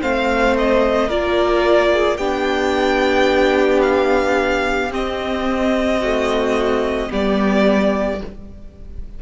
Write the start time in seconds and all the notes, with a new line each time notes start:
0.00 A3 C4 C5 F5
0.57 D#5
1.07 A#3 F4 A#4 D5
1.92 G#4
2.17 B3 D4 G4 G5
3.82 F5
4.90 C4 D#5
5.99 A3 F#4
7.09 G3 B3 G4 D5